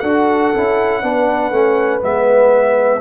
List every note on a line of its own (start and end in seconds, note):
0.00 0.53 D4
0.00 0.54 F#4
0.00 1.02 A4
0.00 2.00 F#5
0.54 1.03 C#4
0.54 1.03 E4
1.03 1.52 B3
1.03 1.52 D4
1.03 3.01 B4
1.52 2.02 A3
1.52 2.01 C#4
2.01 3.01 G#3
2.01 3.01 B3
2.01 3.01 E5